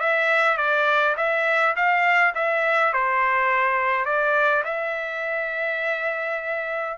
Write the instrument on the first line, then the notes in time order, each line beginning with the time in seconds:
trumpet
0.00 E5
0.57 D5
1.17 E5
1.76 F5
2.35 E5
2.93 C5
4.05 D5
4.65 E5